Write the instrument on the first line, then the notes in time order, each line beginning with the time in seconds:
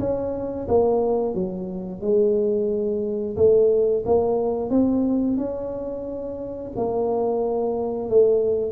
tuba
0.00 C#4
0.68 A#3
1.35 F#3
2.02 G#3
3.37 A3
4.06 A#3
4.70 C4
5.37 C#4
6.76 A#3
8.09 A3